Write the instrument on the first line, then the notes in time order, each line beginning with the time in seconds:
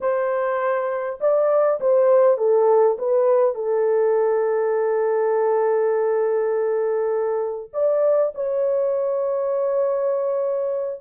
horn
0.01 C5
1.20 D5
1.80 C5
2.37 A4
2.98 B4
3.55 A4
7.73 D5
8.34 C#5